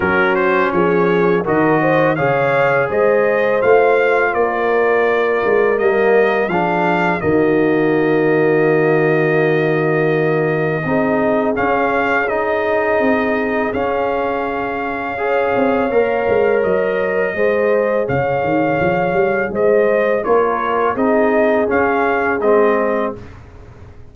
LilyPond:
<<
  \new Staff \with { instrumentName = "trumpet" } { \time 4/4 \tempo 4 = 83 ais'8 c''8 cis''4 dis''4 f''4 | dis''4 f''4 d''2 | dis''4 f''4 dis''2~ | dis''1 |
f''4 dis''2 f''4~ | f''2. dis''4~ | dis''4 f''2 dis''4 | cis''4 dis''4 f''4 dis''4 | }
  \new Staff \with { instrumentName = "horn" } { \time 4/4 fis'4 gis'4 ais'8 c''8 cis''4 | c''2 ais'2~ | ais'4 gis'4 fis'2~ | fis'2. gis'4~ |
gis'1~ | gis'4 cis''2. | c''4 cis''2 c''4 | ais'4 gis'2. | }
  \new Staff \with { instrumentName = "trombone" } { \time 4/4 cis'2 fis'4 gis'4~ | gis'4 f'2. | ais4 d'4 ais2~ | ais2. dis'4 |
cis'4 dis'2 cis'4~ | cis'4 gis'4 ais'2 | gis'1 | f'4 dis'4 cis'4 c'4 | }
  \new Staff \with { instrumentName = "tuba" } { \time 4/4 fis4 f4 dis4 cis4 | gis4 a4 ais4. gis8 | g4 f4 dis2~ | dis2. c'4 |
cis'2 c'4 cis'4~ | cis'4. c'8 ais8 gis8 fis4 | gis4 cis8 dis8 f8 g8 gis4 | ais4 c'4 cis'4 gis4 | }
>>